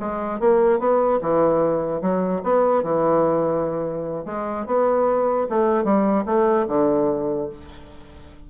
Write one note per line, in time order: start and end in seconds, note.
0.00 0.40 G#3
0.40 0.79 A#3
0.79 1.20 B3
1.22 2.02 E3
2.02 2.42 F#3
2.44 2.83 B3
2.83 4.25 E3
4.26 4.66 G#3
4.66 5.47 B3
5.50 5.85 A3
5.85 6.25 G3
6.26 6.67 A3
6.68 7.49 D3